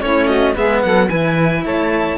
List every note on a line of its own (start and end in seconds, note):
0.00 0.56 A3
0.00 0.54 C#4
0.00 0.28 E4
0.00 0.26 C#5
0.26 0.55 F#4
0.26 0.54 D#5
0.54 0.83 G#3
0.54 1.09 B3
0.54 0.83 G#4
0.54 0.82 E5
0.82 1.10 F#3
0.82 1.08 A4
0.82 1.08 F#5
1.08 1.64 E3
1.08 2.17 E4
1.08 1.62 B4
1.08 1.63 G#5
1.64 2.17 A3
1.64 2.17 C#5
1.64 2.17 A5